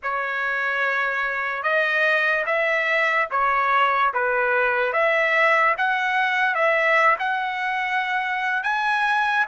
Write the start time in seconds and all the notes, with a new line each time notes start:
0.02 C#5
1.62 D#5
2.45 E5
3.30 C#5
4.13 B4
4.92 E5
5.77 F#5
6.55 E5
7.19 F#5
8.63 G#5